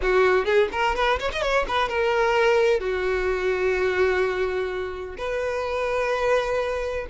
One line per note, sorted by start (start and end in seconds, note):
0.02 0.45 F#4
0.45 0.69 G#4
0.72 0.95 A#4
0.95 1.19 B4
1.19 1.31 C#5
1.32 1.42 D#5
1.42 1.65 C#5
1.68 1.89 B4
1.89 2.79 A#4
2.79 5.16 F#4
5.17 7.06 B4